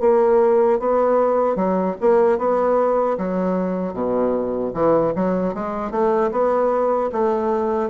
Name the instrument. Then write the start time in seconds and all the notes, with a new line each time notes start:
bassoon
0.00 A#3
0.79 B3
1.55 F#3
2.00 A#3
2.38 B3
3.18 F#3
3.93 B2
4.74 E3
5.15 F#3
5.54 G#3
5.91 A3
6.31 B3
7.12 A3